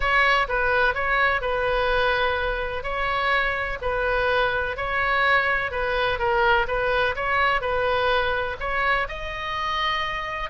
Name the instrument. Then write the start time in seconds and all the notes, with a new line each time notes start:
oboe
0.00 C#5
0.48 B4
0.94 C#5
1.41 B4
2.83 C#5
3.81 B4
4.76 C#5
5.71 B4
6.18 A#4
6.67 B4
7.15 C#5
7.61 B4
8.60 C#5
9.08 D#5